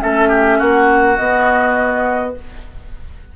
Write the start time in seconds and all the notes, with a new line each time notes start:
0.00 A3 C#4 A4 E5
0.29 G4
0.59 A#3 F#4 F#5
1.17 B3 D#5